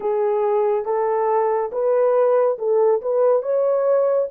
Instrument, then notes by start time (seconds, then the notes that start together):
horn
0.00 G#4
0.85 A4
1.71 B4
2.58 A4
3.01 B4
3.42 C#5